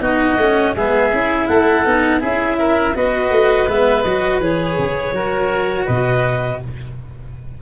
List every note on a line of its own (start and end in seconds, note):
0.00 0.37 B3
0.00 0.37 D#4
0.00 0.75 F#4
0.00 0.74 D#5
0.37 0.73 A3
0.37 0.77 C#4
0.75 1.12 G#3
0.75 1.12 B3
0.75 1.48 G#4
0.75 1.47 E5
1.12 1.48 C#4
1.12 1.85 E4
1.47 1.85 A3
1.47 2.20 A4
1.47 2.20 F#5
1.85 2.21 B3
1.85 2.20 D#4
2.20 2.95 C#4
2.20 2.93 E4
2.20 2.57 G#4
2.20 2.96 E5
2.58 2.95 A#4
2.94 3.30 B3
2.94 3.67 F#4
2.94 5.15 B4
2.94 3.69 D#5
3.30 3.66 A3
3.67 4.04 G#3
3.67 4.05 B3
3.67 4.03 E5
4.03 4.39 F#3
4.03 4.41 F#4
4.03 4.39 D#5
4.39 4.76 E3
4.39 5.14 G#4
4.39 5.86 C#5
4.77 5.12 C#3
5.12 5.85 F#3
5.12 6.61 F#4
5.12 5.85 A#4
5.85 6.61 B2
5.85 6.58 B4
5.85 6.60 D#5